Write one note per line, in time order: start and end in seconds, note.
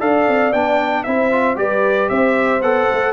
0.00 0.28 D4
0.00 0.53 A4
0.00 1.05 D5
0.00 0.53 F5
0.28 0.53 C4
0.53 1.06 B3
0.53 1.06 D4
0.53 1.04 G5
1.04 1.57 C4
1.04 1.32 E4
1.04 1.60 C5
1.04 1.57 E5
1.32 1.56 F4
1.56 2.10 G3
1.56 2.62 G4
1.56 2.11 B4
1.56 2.09 D5
2.09 2.63 C4
2.09 3.13 C5
2.09 2.62 E5
2.62 2.89 B3
2.62 3.13 A4
2.62 3.13 F#5
2.92 3.13 A3